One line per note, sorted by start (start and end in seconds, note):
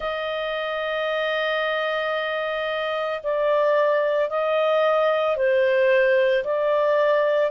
0.00 3.20 D#5
3.23 4.29 D5
4.29 5.36 D#5
5.36 6.43 C5
6.44 7.50 D5